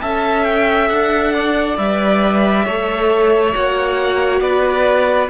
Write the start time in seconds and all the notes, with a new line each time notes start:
0.00 C#4 A4 E5 A5
0.44 G5
0.89 D4 F#5
1.35 D5
1.77 G3 B4 E5
2.65 A3 A4 C#5
3.53 A#3 F#4 F#5
4.41 B3 B4 D5